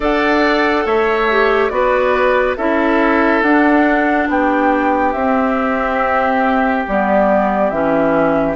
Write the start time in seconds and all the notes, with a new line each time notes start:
0.00 D4 A4 D5 F#5
0.85 A3 C#5 E5
1.30 G4
1.69 B3 F#4 B4 D5
2.56 C#4 E4 A4 E5
3.41 D4 F#5
4.28 B3 G4 G5
5.12 C4 E5
6.87 G3 B3 D5
7.69 E3 C#4 E5